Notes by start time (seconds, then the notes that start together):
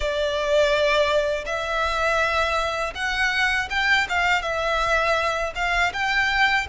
0.00 D5
1.45 E5
2.95 F#5
3.70 G5
4.09 F5
4.42 E5
5.55 F5
5.93 G5